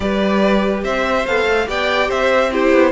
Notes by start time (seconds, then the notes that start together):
0.00 G3 G4 B4 D5
0.83 C4 C5 E5
1.26 B3 A4 F5
1.46 A3
1.66 B3 G4 D5 G5
2.08 C4 C5 E5
2.52 E4 G4 C5
2.72 B3